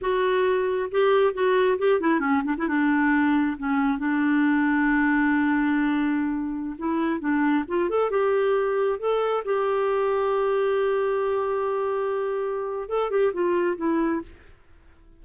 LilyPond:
\new Staff \with { instrumentName = "clarinet" } { \time 4/4 \tempo 4 = 135 fis'2 g'4 fis'4 | g'8 e'8 cis'8 d'16 e'16 d'2 | cis'4 d'2.~ | d'2.~ d'16 e'8.~ |
e'16 d'4 f'8 a'8 g'4.~ g'16~ | g'16 a'4 g'2~ g'8.~ | g'1~ | g'4 a'8 g'8 f'4 e'4 | }